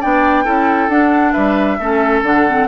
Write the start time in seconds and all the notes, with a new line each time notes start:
0.00 B3 D4 D5 G5
0.44 C#4 E4 A4
0.88 D4 F#5
1.32 G3 B4 E5
1.79 A3 C#4 A4
2.22 D3 D4 F#5
2.47 C4